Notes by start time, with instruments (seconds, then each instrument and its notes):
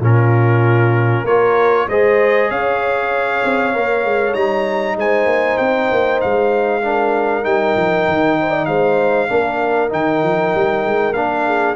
0.00 tuba A#2, trombone C#4, horn F4, trumpet A#4
1.24 tuba A#3, trombone F4, horn A#4, trumpet C#5
1.89 tuba G#3, trombone G#4, horn C5, trumpet D#5
2.50 tuba C#4, horn C#5, trumpet F5
3.45 tuba C4
3.74 tuba A#3, trombone A#4
4.04 tuba G#3
4.34 tuba G3, trombone D#4, trumpet A#5
4.96 tuba G#3, horn C5, trumpet G#5
5.26 tuba A#3
5.58 tuba C4, trumpet G5
5.92 tuba A#3
6.21 tuba G#3, trumpet F5
6.82 trombone D4, horn A#4
7.43 tuba G3, trombone D#4, trumpet G5
7.76 tuba F3
8.08 tuba D#3
8.41 horn C5
8.51 horn D5
8.65 tuba G#3, horn C5, trumpet F5
9.28 tuba A#3, trombone D4, horn A#4
9.89 tuba D#3, trombone D#4, trumpet G5
10.23 tuba F3
10.55 tuba G3
10.85 tuba G#3
11.14 tuba A#3, trombone D4, trumpet F5
11.47 horn G#4